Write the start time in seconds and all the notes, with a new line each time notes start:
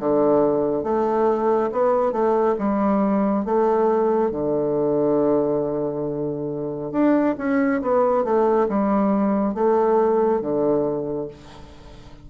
0.00 D3
0.84 A3
1.72 B3
2.13 A3
2.59 G3
3.45 A3
4.31 D3
6.92 D4
7.38 C#4
7.83 B3
8.25 A3
8.69 G3
9.55 A3
10.42 D3